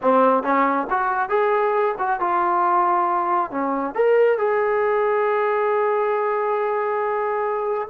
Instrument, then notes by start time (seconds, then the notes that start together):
trombone
0.02 C4
0.43 C#4
0.89 F#4
1.29 G#4
1.98 F#4
2.20 F4
3.51 C#4
3.94 A#4
4.38 G#4